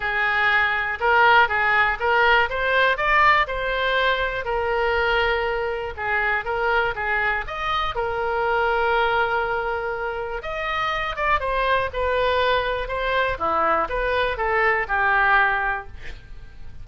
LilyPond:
\new Staff \with { instrumentName = "oboe" } { \time 4/4 \tempo 4 = 121 gis'2 ais'4 gis'4 | ais'4 c''4 d''4 c''4~ | c''4 ais'2. | gis'4 ais'4 gis'4 dis''4 |
ais'1~ | ais'4 dis''4. d''8 c''4 | b'2 c''4 e'4 | b'4 a'4 g'2 | }